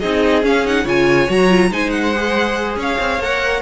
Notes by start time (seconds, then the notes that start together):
0.00 C4 D#4 G#4 D#5
0.43 C#4 F5
0.65 D#4 F#5
0.84 C#3 F4 C#5 G#5
1.28 F#3 F#4 A#5
1.49 F4
1.70 G#3 D#4 C5 G#5
1.90 F#5
2.15 G#4
2.76 C#4 C#5 F5
2.99 C4
3.19 A#3 A#4 F#5